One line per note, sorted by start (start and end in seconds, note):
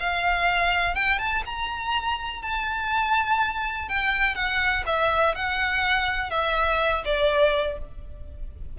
0.00 0.95 F5
0.95 1.19 G5
1.19 1.43 A5
1.46 2.43 A#5
2.43 3.89 A5
3.89 4.35 G5
4.35 4.84 F#5
4.87 5.35 E5
5.35 6.31 F#5
6.31 7.04 E5
7.06 7.79 D5